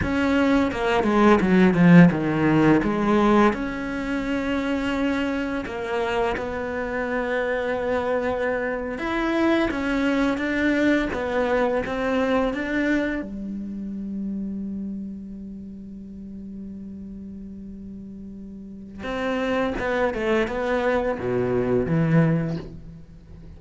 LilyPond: \new Staff \with { instrumentName = "cello" } { \time 4/4 \tempo 4 = 85 cis'4 ais8 gis8 fis8 f8 dis4 | gis4 cis'2. | ais4 b2.~ | b8. e'4 cis'4 d'4 b16~ |
b8. c'4 d'4 g4~ g16~ | g1~ | g2. c'4 | b8 a8 b4 b,4 e4 | }